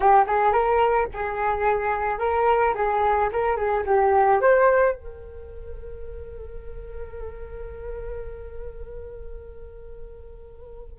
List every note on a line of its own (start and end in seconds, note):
0.00 0.25 G4
0.26 0.52 G#4
0.52 1.07 A#4
1.13 2.18 G#4
2.18 2.73 A#4
2.74 3.29 G#4
3.32 3.56 A#4
3.56 3.83 G#4
3.86 4.40 G4
4.40 4.95 C5
4.95 10.99 A#4